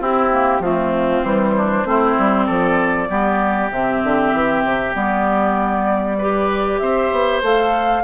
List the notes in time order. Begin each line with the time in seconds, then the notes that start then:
0.00 C4 E4 G4
0.31 A#3
0.60 F3 A3 C4 F4
1.23 E3 G3 C5
1.57 D4
1.85 A3 C4 E4
2.18 G3
2.46 F3 A4 D5
3.09 G3 B3 G4
3.71 C3 C4 E5
4.04 D3
4.33 E3
4.64 C3
4.93 G3 B3 D5
6.18 G4 B4
6.79 C4 C5 E5
7.12 B3
7.42 A3 A4 F5